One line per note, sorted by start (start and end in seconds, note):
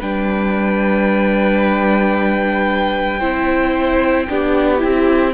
0.00 3.21 G3
0.00 3.21 D4
0.00 3.20 B4
0.00 5.34 G5
3.20 4.29 C4
3.20 4.28 E4
3.20 4.27 C5
4.29 4.84 B3
4.29 4.79 D4
4.29 5.34 G4
4.79 5.34 C4
4.79 5.32 E4